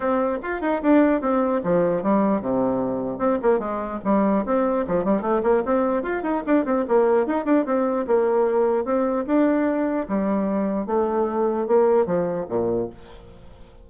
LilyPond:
\new Staff \with { instrumentName = "bassoon" } { \time 4/4 \tempo 4 = 149 c'4 f'8 dis'8 d'4 c'4 | f4 g4 c2 | c'8 ais8 gis4 g4 c'4 | f8 g8 a8 ais8 c'4 f'8 dis'8 |
d'8 c'8 ais4 dis'8 d'8 c'4 | ais2 c'4 d'4~ | d'4 g2 a4~ | a4 ais4 f4 ais,4 | }